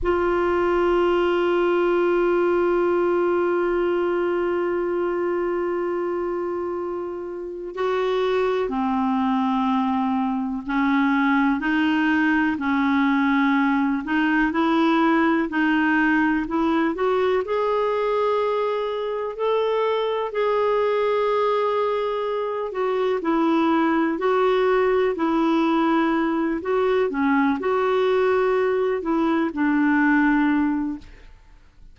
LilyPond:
\new Staff \with { instrumentName = "clarinet" } { \time 4/4 \tempo 4 = 62 f'1~ | f'1 | fis'4 c'2 cis'4 | dis'4 cis'4. dis'8 e'4 |
dis'4 e'8 fis'8 gis'2 | a'4 gis'2~ gis'8 fis'8 | e'4 fis'4 e'4. fis'8 | cis'8 fis'4. e'8 d'4. | }